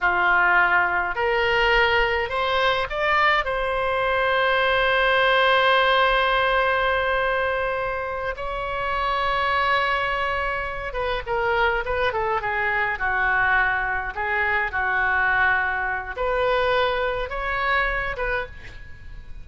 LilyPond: \new Staff \with { instrumentName = "oboe" } { \time 4/4 \tempo 4 = 104 f'2 ais'2 | c''4 d''4 c''2~ | c''1~ | c''2~ c''8 cis''4.~ |
cis''2. b'8 ais'8~ | ais'8 b'8 a'8 gis'4 fis'4.~ | fis'8 gis'4 fis'2~ fis'8 | b'2 cis''4. b'8 | }